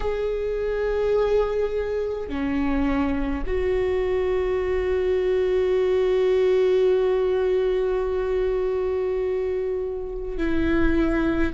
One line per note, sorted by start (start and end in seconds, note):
0.00 2.28 G#4
2.28 3.44 C#4
3.46 10.37 F#4
10.37 11.53 E4